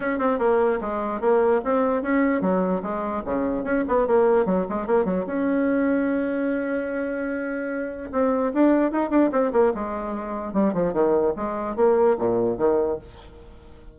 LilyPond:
\new Staff \with { instrumentName = "bassoon" } { \time 4/4 \tempo 4 = 148 cis'8 c'8 ais4 gis4 ais4 | c'4 cis'4 fis4 gis4 | cis4 cis'8 b8 ais4 fis8 gis8 | ais8 fis8 cis'2.~ |
cis'1 | c'4 d'4 dis'8 d'8 c'8 ais8 | gis2 g8 f8 dis4 | gis4 ais4 ais,4 dis4 | }